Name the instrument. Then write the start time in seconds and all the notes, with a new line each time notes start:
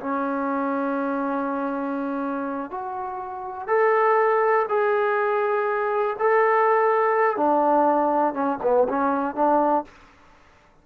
trombone
0.00 C#4
2.70 F#4
3.68 A4
4.69 G#4
6.19 A4
7.37 D4
8.34 C#4
8.63 B3
8.89 C#4
9.35 D4